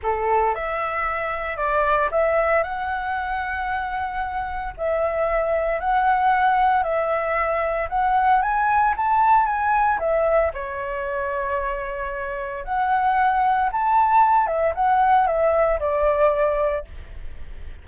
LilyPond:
\new Staff \with { instrumentName = "flute" } { \time 4/4 \tempo 4 = 114 a'4 e''2 d''4 | e''4 fis''2.~ | fis''4 e''2 fis''4~ | fis''4 e''2 fis''4 |
gis''4 a''4 gis''4 e''4 | cis''1 | fis''2 a''4. e''8 | fis''4 e''4 d''2 | }